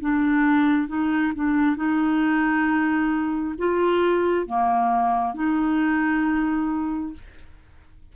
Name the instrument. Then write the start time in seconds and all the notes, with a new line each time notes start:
clarinet
0.00 D4
0.88 D#4
1.35 D4
1.76 D#4
3.58 F4
4.46 A#3
5.34 D#4